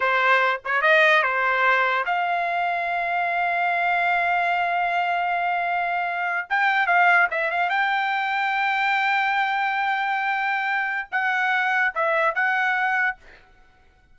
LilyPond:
\new Staff \with { instrumentName = "trumpet" } { \time 4/4 \tempo 4 = 146 c''4. cis''8 dis''4 c''4~ | c''4 f''2.~ | f''1~ | f''2.~ f''8. g''16~ |
g''8. f''4 e''8 f''8 g''4~ g''16~ | g''1~ | g''2. fis''4~ | fis''4 e''4 fis''2 | }